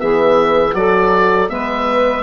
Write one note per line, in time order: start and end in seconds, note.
0.00 0.74 E3
0.00 0.72 B3
0.00 0.76 G#4
0.00 0.75 E5
0.72 1.50 F#3
0.72 1.48 F#4
0.72 1.51 A4
0.72 1.50 D5
1.50 2.23 G#3
1.50 2.23 B3
1.50 2.23 B4
1.50 2.23 E5